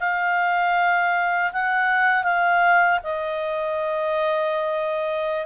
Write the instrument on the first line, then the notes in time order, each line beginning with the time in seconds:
clarinet
0.00 F5
1.53 F#5
2.24 F5
3.03 D#5